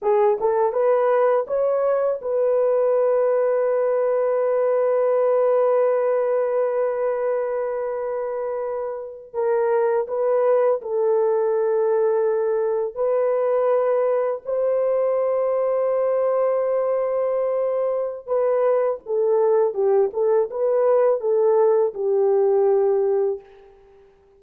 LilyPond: \new Staff \with { instrumentName = "horn" } { \time 4/4 \tempo 4 = 82 gis'8 a'8 b'4 cis''4 b'4~ | b'1~ | b'1~ | b'8. ais'4 b'4 a'4~ a'16~ |
a'4.~ a'16 b'2 c''16~ | c''1~ | c''4 b'4 a'4 g'8 a'8 | b'4 a'4 g'2 | }